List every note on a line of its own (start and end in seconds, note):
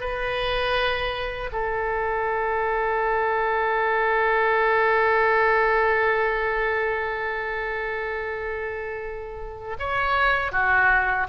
0.00 1.50 B4
1.52 9.77 A4
9.78 10.51 C#5
10.51 11.26 F#4